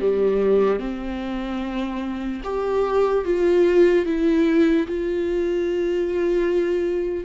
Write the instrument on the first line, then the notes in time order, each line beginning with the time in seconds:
viola
0.00 G3
0.79 C4
2.43 G4
3.25 F4
4.05 E4
4.87 F4